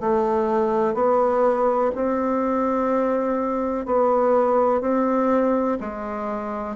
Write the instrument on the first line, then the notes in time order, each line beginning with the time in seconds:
bassoon
0.00 A3
0.94 B3
1.95 C4
3.86 B3
4.81 C4
5.80 G#3